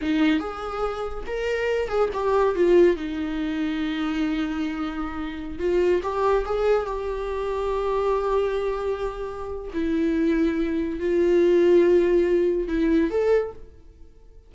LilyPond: \new Staff \with { instrumentName = "viola" } { \time 4/4 \tempo 4 = 142 dis'4 gis'2 ais'4~ | ais'8 gis'8 g'4 f'4 dis'4~ | dis'1~ | dis'4~ dis'16 f'4 g'4 gis'8.~ |
gis'16 g'2.~ g'8.~ | g'2. e'4~ | e'2 f'2~ | f'2 e'4 a'4 | }